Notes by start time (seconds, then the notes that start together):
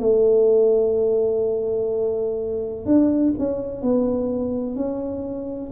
0.00 A3
2.86 D4
3.39 C#4
3.82 B3
4.76 C#4